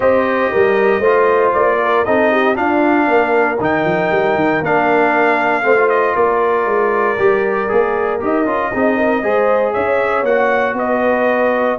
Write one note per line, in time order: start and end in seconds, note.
0.00 0.51 C4
0.00 1.03 G4
0.00 0.51 C5
0.00 1.52 D#5
0.51 0.99 G3
0.51 1.00 A#4
0.99 1.51 A3
0.99 2.06 F4
0.99 1.76 C5
1.53 2.06 A#3
1.53 2.04 D5
1.82 2.06 A#4
2.04 2.56 C4
2.04 2.54 D#4
2.04 2.31 A4
2.04 2.56 D#5
2.31 2.55 G4
2.54 3.57 D4
2.54 3.07 D4
2.54 3.07 F4
2.54 3.59 F5
3.07 3.58 A#3
3.07 5.64 A#4
3.60 3.84 D#3
3.60 4.63 D#4
3.60 4.64 G5
3.84 4.10 F3
4.11 4.35 G3
4.35 4.60 D#3
4.61 5.63 A#3
4.61 5.62 D4
4.61 5.89 F5
5.62 6.14 A3
5.62 5.75 C4
5.62 6.15 C5
5.76 7.17 F4
5.89 6.15 D#5
6.15 6.65 A#3
6.15 8.71 A#4
6.15 8.20 D5
6.65 7.17 G#3
7.18 7.70 G3
7.18 7.68 G4
7.68 8.22 A#3
7.68 8.19 G#4
8.19 8.45 D#4
8.19 8.45 G4
8.19 9.73 D#5
8.45 8.71 C#4
8.45 8.71 F4
8.72 9.22 C4
8.72 9.23 D#4
8.72 8.97 G#4
8.97 9.22 A#4
9.22 9.73 G#3
9.22 10.25 G#4
9.22 9.72 C5
9.72 10.22 C#4
9.72 10.75 C#5
9.72 10.24 E5
10.22 10.73 A#3
10.22 11.79 F#4
10.22 10.76 F#5
10.73 11.76 B3
10.73 11.79 D#5
10.80 11.79 B4